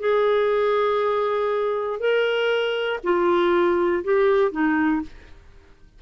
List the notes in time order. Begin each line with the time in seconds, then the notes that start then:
0.00 G#4
2.00 A#4
3.04 F4
4.04 G4
4.52 D#4